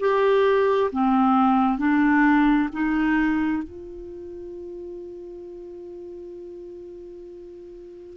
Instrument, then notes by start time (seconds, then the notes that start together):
clarinet
0.00 G4
0.92 C4
1.79 D4
2.73 D#4
3.63 F4